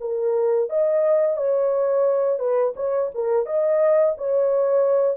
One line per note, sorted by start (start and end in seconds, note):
0.00 0.69 A#4
0.69 1.36 D#5
1.36 2.39 C#5
2.39 2.74 B4
2.76 3.10 C#5
3.14 3.46 A#4
3.46 4.15 D#5
4.18 5.17 C#5